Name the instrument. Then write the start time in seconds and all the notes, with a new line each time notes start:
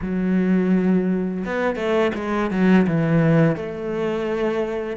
cello
0.01 F#3
1.44 B3
1.76 A3
2.15 G#3
2.50 F#3
2.87 E3
3.56 A3